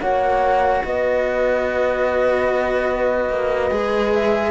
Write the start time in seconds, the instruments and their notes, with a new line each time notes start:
0.00 cello A#3 F#4, horn C#5, flute F#5
0.84 cello B3, horn B4, flute D#5
3.29 cello A#3
3.71 cello G#3 G#4
4.14 flute E5